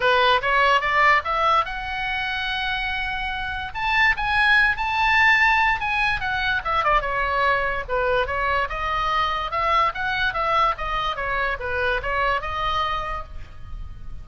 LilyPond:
\new Staff \with { instrumentName = "oboe" } { \time 4/4 \tempo 4 = 145 b'4 cis''4 d''4 e''4 | fis''1~ | fis''4 a''4 gis''4. a''8~ | a''2 gis''4 fis''4 |
e''8 d''8 cis''2 b'4 | cis''4 dis''2 e''4 | fis''4 e''4 dis''4 cis''4 | b'4 cis''4 dis''2 | }